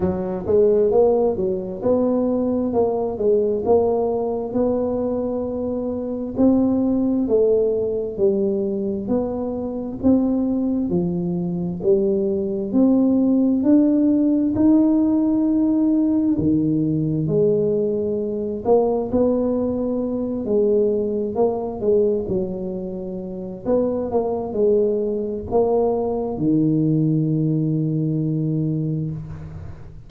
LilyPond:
\new Staff \with { instrumentName = "tuba" } { \time 4/4 \tempo 4 = 66 fis8 gis8 ais8 fis8 b4 ais8 gis8 | ais4 b2 c'4 | a4 g4 b4 c'4 | f4 g4 c'4 d'4 |
dis'2 dis4 gis4~ | gis8 ais8 b4. gis4 ais8 | gis8 fis4. b8 ais8 gis4 | ais4 dis2. | }